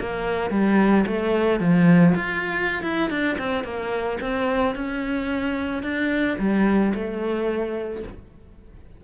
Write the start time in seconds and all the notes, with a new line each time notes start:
0.00 A#3
0.51 G3
1.06 A3
1.60 F3
2.15 F4
2.83 E4
3.10 D4
3.38 C4
3.64 A#3
4.21 C4
4.75 C#4
5.83 D4
6.39 G3
6.94 A3